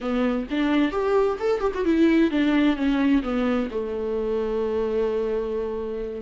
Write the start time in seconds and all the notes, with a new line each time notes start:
0.00 B3
0.50 D4
0.91 G4
1.39 A4
1.60 G4
1.74 F#4
1.84 E4
2.30 D4
2.76 C#4
3.22 B3
3.70 A3